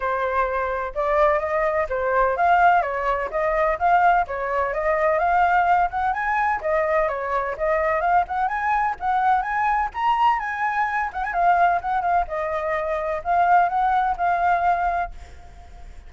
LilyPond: \new Staff \with { instrumentName = "flute" } { \time 4/4 \tempo 4 = 127 c''2 d''4 dis''4 | c''4 f''4 cis''4 dis''4 | f''4 cis''4 dis''4 f''4~ | f''8 fis''8 gis''4 dis''4 cis''4 |
dis''4 f''8 fis''8 gis''4 fis''4 | gis''4 ais''4 gis''4. fis''16 gis''16 | f''4 fis''8 f''8 dis''2 | f''4 fis''4 f''2 | }